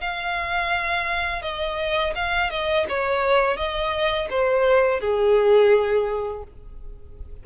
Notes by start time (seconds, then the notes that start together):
0.00 F5
1.42 D#5
2.15 F5
2.50 D#5
2.89 C#5
3.56 D#5
4.30 C5
5.00 G#4